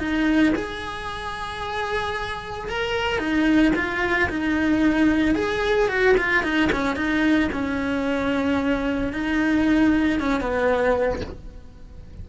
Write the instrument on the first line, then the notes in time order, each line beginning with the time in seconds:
cello
0.00 D#4
0.56 G#4
2.69 A#4
3.19 D#4
3.76 F4
4.30 D#4
5.36 G#4
5.89 F#4
6.18 F4
6.44 D#4
6.73 C#4
6.96 D#4
7.53 C#4
9.13 D#4
10.21 C#4
10.41 B3